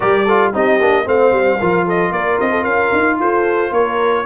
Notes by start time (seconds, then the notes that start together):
0.00 G3 G4 A#4 D5
0.25 F4 A4
0.53 C4 D#4 G4 D#5
0.80 A#3 D4
1.04 A3 C4 C5 F5
1.31 G3
1.59 F3 F4 A#4
1.85 A4 D#5
2.11 A#3 A#4 D5
2.40 C4 D#5
2.51 A4
2.62 C#4 A#4 F5
2.92 D#4
3.19 F4 A4 C5
3.71 A#3 A#4 C#5